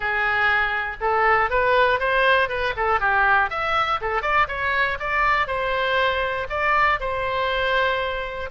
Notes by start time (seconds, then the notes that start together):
0.00 G#4
1.00 A4
1.50 B4
1.99 C5
2.48 B4
2.76 A4
3.00 G4
3.50 E5
4.01 A4
4.22 D5
4.47 C#5
4.99 D5
5.47 C5
6.49 D5
7.00 C5